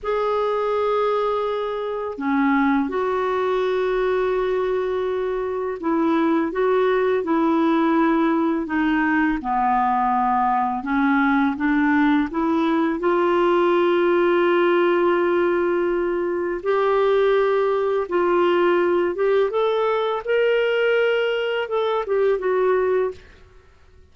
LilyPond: \new Staff \with { instrumentName = "clarinet" } { \time 4/4 \tempo 4 = 83 gis'2. cis'4 | fis'1 | e'4 fis'4 e'2 | dis'4 b2 cis'4 |
d'4 e'4 f'2~ | f'2. g'4~ | g'4 f'4. g'8 a'4 | ais'2 a'8 g'8 fis'4 | }